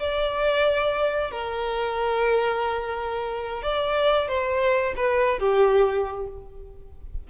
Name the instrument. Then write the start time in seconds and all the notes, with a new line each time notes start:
violin
0.00 D5
1.32 A#4
3.63 D5
4.28 C5
4.97 B4
5.40 G4